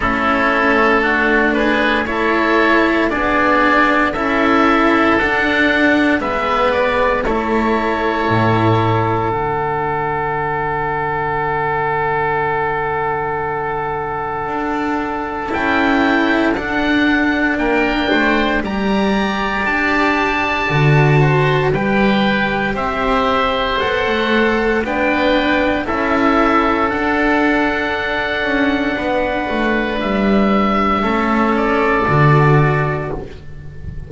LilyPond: <<
  \new Staff \with { instrumentName = "oboe" } { \time 4/4 \tempo 4 = 58 a'4. b'8 cis''4 d''4 | e''4 fis''4 e''8 d''8 cis''4~ | cis''4 fis''2.~ | fis''2. g''4 |
fis''4 g''4 ais''4 a''4~ | a''4 g''4 e''4 fis''4 | g''4 e''4 fis''2~ | fis''4 e''4. d''4. | }
  \new Staff \with { instrumentName = "oboe" } { \time 4/4 e'4 fis'8 gis'8 a'4 gis'4 | a'2 b'4 a'4~ | a'1~ | a'1~ |
a'4 ais'8 c''8 d''2~ | d''8 c''8 b'4 c''2 | b'4 a'2. | b'2 a'2 | }
  \new Staff \with { instrumentName = "cello" } { \time 4/4 cis'4 d'4 e'4 d'4 | e'4 d'4 b4 e'4~ | e'4 d'2.~ | d'2. e'4 |
d'2 g'2 | fis'4 g'2 a'4 | d'4 e'4 d'2~ | d'2 cis'4 fis'4 | }
  \new Staff \with { instrumentName = "double bass" } { \time 4/4 a2. b4 | cis'4 d'4 gis4 a4 | a,4 d2.~ | d2 d'4 cis'4 |
d'4 ais8 a8 g4 d'4 | d4 g4 c'4 b16 a8. | b4 cis'4 d'4. cis'8 | b8 a8 g4 a4 d4 | }
>>